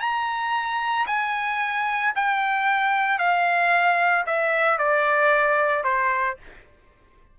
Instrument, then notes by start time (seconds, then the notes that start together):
trumpet
0.00 A#5
1.07 G#5
2.15 G5
3.19 F5
4.26 E5
4.78 D5
5.84 C5